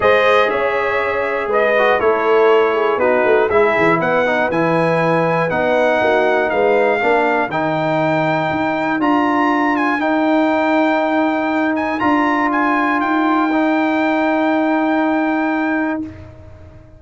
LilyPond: <<
  \new Staff \with { instrumentName = "trumpet" } { \time 4/4 \tempo 4 = 120 dis''4 e''2 dis''4 | cis''2 b'4 e''4 | fis''4 gis''2 fis''4~ | fis''4 f''2 g''4~ |
g''2 ais''4. gis''8 | g''2.~ g''8 gis''8 | ais''4 gis''4 g''2~ | g''1 | }
  \new Staff \with { instrumentName = "horn" } { \time 4/4 c''4 cis''2 b'4 | a'4. gis'8 fis'4 gis'4 | b'1 | fis'4 b'4 ais'2~ |
ais'1~ | ais'1~ | ais'1~ | ais'1 | }
  \new Staff \with { instrumentName = "trombone" } { \time 4/4 gis'2.~ gis'8 fis'8 | e'2 dis'4 e'4~ | e'8 dis'8 e'2 dis'4~ | dis'2 d'4 dis'4~ |
dis'2 f'2 | dis'1 | f'2. dis'4~ | dis'1 | }
  \new Staff \with { instrumentName = "tuba" } { \time 4/4 gis4 cis'2 gis4 | a2 b8 a8 gis8 e8 | b4 e2 b4 | ais4 gis4 ais4 dis4~ |
dis4 dis'4 d'2 | dis'1 | d'2 dis'2~ | dis'1 | }
>>